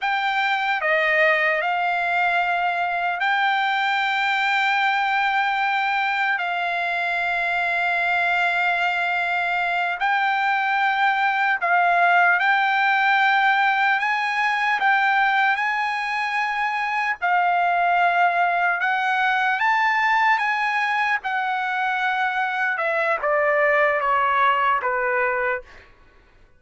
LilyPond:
\new Staff \with { instrumentName = "trumpet" } { \time 4/4 \tempo 4 = 75 g''4 dis''4 f''2 | g''1 | f''1~ | f''8 g''2 f''4 g''8~ |
g''4. gis''4 g''4 gis''8~ | gis''4. f''2 fis''8~ | fis''8 a''4 gis''4 fis''4.~ | fis''8 e''8 d''4 cis''4 b'4 | }